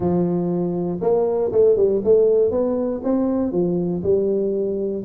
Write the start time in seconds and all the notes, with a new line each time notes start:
0.00 F3
1.01 A#3
1.51 A3
1.76 G3
2.04 A3
2.50 B3
3.03 C4
3.52 F3
4.03 G3